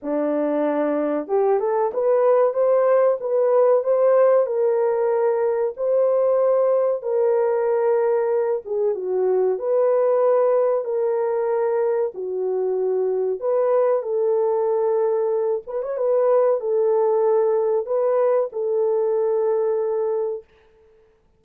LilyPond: \new Staff \with { instrumentName = "horn" } { \time 4/4 \tempo 4 = 94 d'2 g'8 a'8 b'4 | c''4 b'4 c''4 ais'4~ | ais'4 c''2 ais'4~ | ais'4. gis'8 fis'4 b'4~ |
b'4 ais'2 fis'4~ | fis'4 b'4 a'2~ | a'8 b'16 cis''16 b'4 a'2 | b'4 a'2. | }